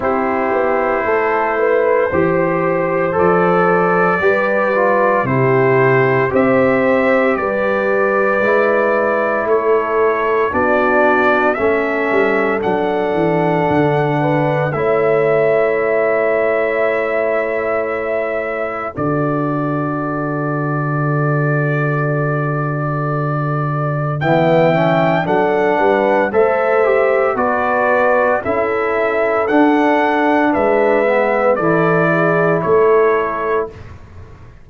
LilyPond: <<
  \new Staff \with { instrumentName = "trumpet" } { \time 4/4 \tempo 4 = 57 c''2. d''4~ | d''4 c''4 e''4 d''4~ | d''4 cis''4 d''4 e''4 | fis''2 e''2~ |
e''2 d''2~ | d''2. g''4 | fis''4 e''4 d''4 e''4 | fis''4 e''4 d''4 cis''4 | }
  \new Staff \with { instrumentName = "horn" } { \time 4/4 g'4 a'8 b'8 c''2 | b'4 g'4 c''4 b'4~ | b'4 a'4 fis'4 a'4~ | a'4. b'8 cis''2~ |
cis''2 a'2~ | a'2. e''4 | a'8 b'8 c''4 b'4 a'4~ | a'4 b'4 a'8 gis'8 a'4 | }
  \new Staff \with { instrumentName = "trombone" } { \time 4/4 e'2 g'4 a'4 | g'8 f'8 e'4 g'2 | e'2 d'4 cis'4 | d'2 e'2~ |
e'2 fis'2~ | fis'2. b8 cis'8 | d'4 a'8 g'8 fis'4 e'4 | d'4. b8 e'2 | }
  \new Staff \with { instrumentName = "tuba" } { \time 4/4 c'8 b8 a4 e4 f4 | g4 c4 c'4 g4 | gis4 a4 b4 a8 g8 | fis8 e8 d4 a2~ |
a2 d2~ | d2. e4 | fis8 g8 a4 b4 cis'4 | d'4 gis4 e4 a4 | }
>>